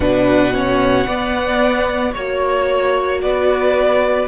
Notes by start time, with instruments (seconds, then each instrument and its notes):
0.00 cello B2, viola D4, violin B4 F#5
0.53 viola C#4, violin C#5
1.04 viola B3, cello B3, violin D5
2.12 cello A#3, viola F#4, violin C#5
3.21 cello B3, violin B4 D5